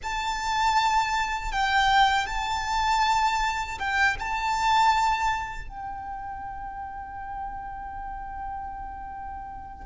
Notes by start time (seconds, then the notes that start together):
0.02 A5
1.52 G5
2.26 A5
3.78 G5
4.19 A5
5.68 G5